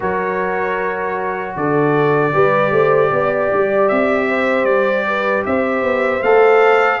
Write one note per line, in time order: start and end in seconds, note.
0.00 1.56 F#3
0.00 2.32 F#4
0.00 1.55 A#4
0.00 1.56 C#5
1.56 2.33 D3
1.56 2.33 A4
1.56 3.88 D5
2.32 2.71 G3
2.32 6.22 G4
2.32 2.72 B4
2.71 3.10 A3
2.71 3.11 C5
3.12 3.51 B3
3.12 4.27 D5
3.53 3.90 G3
3.88 4.64 C4
3.88 4.64 E5
4.27 5.05 C5
4.64 5.42 G3
4.64 5.42 D5
5.07 5.46 B4
5.45 5.82 C4
5.45 7.00 C5
5.45 6.23 E5
5.82 6.21 B3
6.22 7.00 A3
6.22 7.00 A4
6.22 7.00 F5